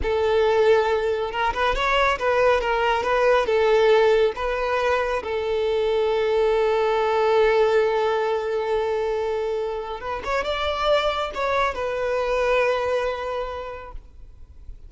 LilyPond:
\new Staff \with { instrumentName = "violin" } { \time 4/4 \tempo 4 = 138 a'2. ais'8 b'8 | cis''4 b'4 ais'4 b'4 | a'2 b'2 | a'1~ |
a'1~ | a'2. b'8 cis''8 | d''2 cis''4 b'4~ | b'1 | }